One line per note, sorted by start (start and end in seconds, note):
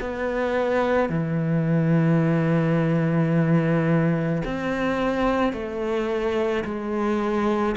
0.00 1.09 B3
1.09 4.42 E3
4.44 5.53 C4
5.53 6.64 A3
6.64 7.75 G#3